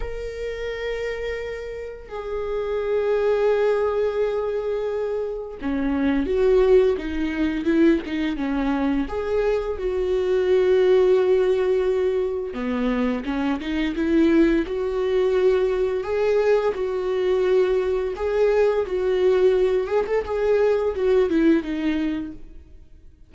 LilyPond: \new Staff \with { instrumentName = "viola" } { \time 4/4 \tempo 4 = 86 ais'2. gis'4~ | gis'1 | cis'4 fis'4 dis'4 e'8 dis'8 | cis'4 gis'4 fis'2~ |
fis'2 b4 cis'8 dis'8 | e'4 fis'2 gis'4 | fis'2 gis'4 fis'4~ | fis'8 gis'16 a'16 gis'4 fis'8 e'8 dis'4 | }